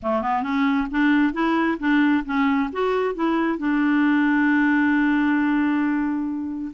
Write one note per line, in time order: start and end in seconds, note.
0.02 0.22 A3
0.22 0.43 B3
0.43 0.87 C#4
0.90 1.33 D4
1.33 1.78 E4
1.79 2.24 D4
2.25 2.70 C#4
2.72 3.14 F#4
3.14 3.58 E4
3.58 6.71 D4